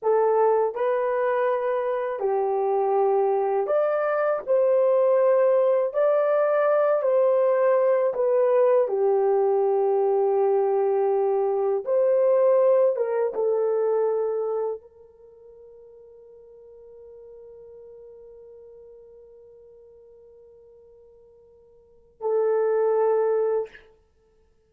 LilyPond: \new Staff \with { instrumentName = "horn" } { \time 4/4 \tempo 4 = 81 a'4 b'2 g'4~ | g'4 d''4 c''2 | d''4. c''4. b'4 | g'1 |
c''4. ais'8 a'2 | ais'1~ | ais'1~ | ais'2 a'2 | }